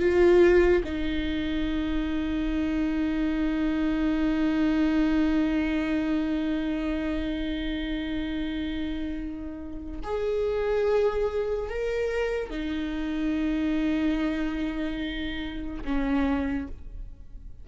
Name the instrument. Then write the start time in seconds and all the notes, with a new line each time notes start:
viola
0.00 F4
0.84 D#4
10.04 G#4
11.70 A#4
12.50 D#4
15.85 C#4